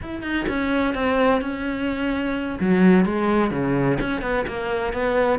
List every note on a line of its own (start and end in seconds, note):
0.01 0.22 E4
0.22 0.45 D#4
0.48 0.94 C#4
0.94 1.41 C4
1.41 2.58 C#4
2.60 3.05 F#3
3.05 3.50 G#3
3.50 3.97 C#3
4.00 4.21 C#4
4.21 4.45 B3
4.47 4.93 A#3
4.93 5.39 B3